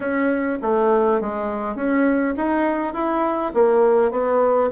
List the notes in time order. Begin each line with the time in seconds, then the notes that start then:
0.00 C#4
0.62 A3
1.20 G#3
1.75 C#4
2.36 D#4
2.93 E4
3.53 A#3
4.11 B3